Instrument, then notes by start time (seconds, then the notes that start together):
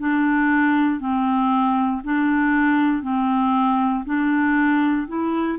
clarinet
0.00 D4
1.00 C4
2.04 D4
3.03 C4
4.06 D4
5.08 E4